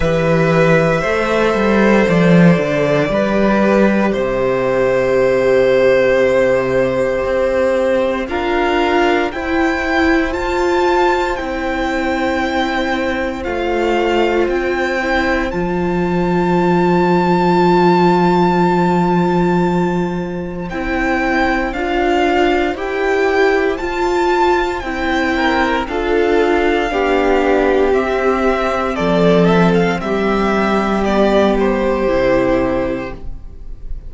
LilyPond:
<<
  \new Staff \with { instrumentName = "violin" } { \time 4/4 \tempo 4 = 58 e''2 d''2 | e''1 | f''4 g''4 a''4 g''4~ | g''4 f''4 g''4 a''4~ |
a''1 | g''4 f''4 g''4 a''4 | g''4 f''2 e''4 | d''8 e''16 f''16 e''4 d''8 c''4. | }
  \new Staff \with { instrumentName = "violin" } { \time 4/4 b'4 c''2 b'4 | c''1 | ais'4 c''2.~ | c''1~ |
c''1~ | c''1~ | c''8 ais'8 a'4 g'2 | a'4 g'2. | }
  \new Staff \with { instrumentName = "viola" } { \time 4/4 g'4 a'2 g'4~ | g'1 | f'4 e'4 f'4 e'4~ | e'4 f'4. e'8 f'4~ |
f'1 | e'4 f'4 g'4 f'4 | e'4 f'4 d'4 c'4~ | c'2 b4 e'4 | }
  \new Staff \with { instrumentName = "cello" } { \time 4/4 e4 a8 g8 f8 d8 g4 | c2. c'4 | d'4 e'4 f'4 c'4~ | c'4 a4 c'4 f4~ |
f1 | c'4 d'4 e'4 f'4 | c'4 d'4 b4 c'4 | f4 g2 c4 | }
>>